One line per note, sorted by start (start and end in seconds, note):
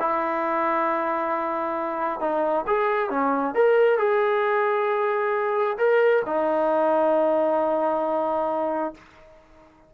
0.00 2.20 E4
2.20 2.65 D#4
2.67 3.10 G#4
3.10 3.55 C#4
3.55 3.98 A#4
3.98 5.77 G#4
5.78 6.23 A#4
6.26 8.95 D#4